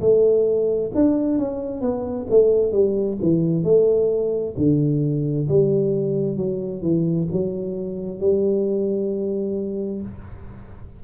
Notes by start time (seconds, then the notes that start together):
0.00 A3
0.95 D4
1.38 C#4
1.81 B3
2.30 A3
2.72 G3
3.22 E3
3.64 A3
4.57 D3
5.48 G3
6.37 F#3
6.82 E3
7.32 F#3
8.19 G3